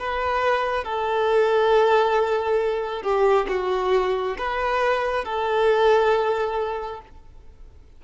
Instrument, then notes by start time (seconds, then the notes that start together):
violin
0.00 B4
0.85 A4
3.03 G4
3.49 F#4
4.38 B4
5.25 A4